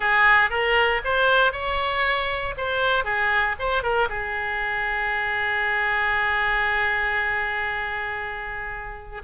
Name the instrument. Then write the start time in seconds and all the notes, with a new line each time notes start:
oboe
0.00 G#4
0.50 A#4
1.04 C5
1.52 C#5
2.57 C5
3.04 G#4
3.59 C5
3.82 A#4
4.09 G#4